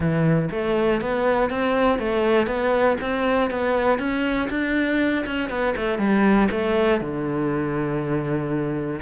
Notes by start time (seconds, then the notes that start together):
0.00 E3
0.51 A3
1.01 B3
1.50 C4
1.98 A3
2.46 B3
3.00 C4
3.50 B3
3.98 C#4
4.50 D4
5.26 C#4
5.49 B3
5.76 A3
5.98 G3
6.51 A3
7.00 D3